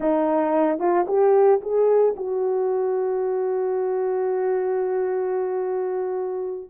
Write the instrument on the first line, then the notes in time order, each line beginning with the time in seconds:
horn
0.00 D#4
0.78 F4
1.07 G4
1.61 G#4
2.16 F#4